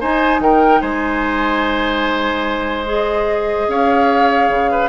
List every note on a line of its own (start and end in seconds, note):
0.00 2.86 D#4
0.00 0.40 D#4
0.00 0.41 C5
0.00 0.41 G#5
0.40 0.81 D#3
0.40 0.81 A#4
0.40 0.82 G5
0.81 3.68 G#3
0.81 3.67 C5
0.81 2.86 G#5
2.86 4.89 G#4
2.86 3.70 D#5
3.68 4.49 C#4
3.68 4.71 C#5
3.68 4.89 F5
4.49 4.89 C#3
4.71 4.89 B4